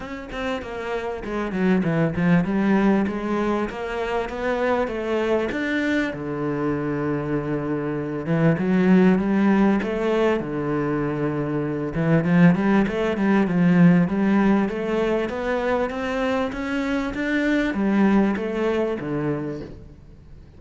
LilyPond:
\new Staff \with { instrumentName = "cello" } { \time 4/4 \tempo 4 = 98 cis'8 c'8 ais4 gis8 fis8 e8 f8 | g4 gis4 ais4 b4 | a4 d'4 d2~ | d4. e8 fis4 g4 |
a4 d2~ d8 e8 | f8 g8 a8 g8 f4 g4 | a4 b4 c'4 cis'4 | d'4 g4 a4 d4 | }